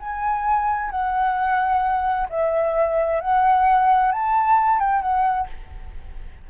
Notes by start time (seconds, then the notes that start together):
0.00 G#5
0.91 F#5
2.30 E5
3.21 F#5
4.12 A5
4.80 G5
5.02 F#5